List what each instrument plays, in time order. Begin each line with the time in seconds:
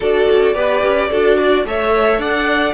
0.00 cello D4, viola F#4, violin A4 D5
0.30 cello C#4
0.54 cello B3, viola G4, violin B4
0.83 cello C#4
1.10 cello D4, viola F#4, violin A4
1.37 violin D5
1.65 cello A3, viola A4, violin C#5 E5
2.18 cello D4, violin D5 F#5